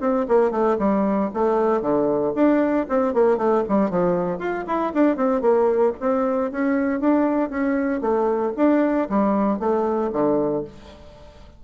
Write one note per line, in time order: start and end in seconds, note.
0.00 0.26 C4
0.28 0.51 A#3
0.51 0.77 A3
0.78 1.30 G3
1.34 1.81 A3
1.81 2.33 D3
2.35 2.86 D4
2.89 3.14 C4
3.14 3.37 A#3
3.37 3.63 A3
3.68 3.90 G3
3.90 4.38 F3
4.38 4.64 F4
4.67 4.93 E4
4.93 5.17 D4
5.17 5.41 C4
5.41 5.93 A#3
6.00 6.51 C4
6.51 7.00 C#4
7.00 7.49 D4
7.49 8.01 C#4
8.01 8.52 A3
8.57 9.08 D4
9.09 9.59 G3
9.59 10.11 A3
10.12 10.64 D3